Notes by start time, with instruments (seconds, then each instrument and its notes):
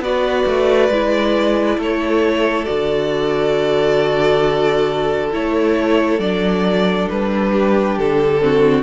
0.00 cello B3, viola F#4, violin B4 D5
0.47 cello A3
0.90 cello G#3, viola E4
1.78 cello A3, violin A4 C#5
2.66 cello D3, viola F#4, violin D5
5.32 cello A3, viola E4, violin C#5
6.19 cello F#3, viola D4, violin D5
7.10 cello G3, violin B4
7.53 violin G4
7.98 cello D3, violin A4
8.41 viola C4, violin F#4